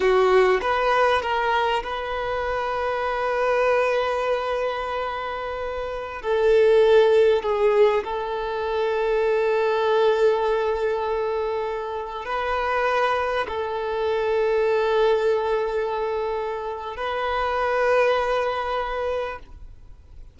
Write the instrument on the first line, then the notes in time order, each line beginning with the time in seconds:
violin
0.00 F#4
0.61 B4
1.22 A#4
1.83 B4
6.21 A4
7.42 G#4
8.04 A4
12.25 B4
13.48 A4
16.96 B4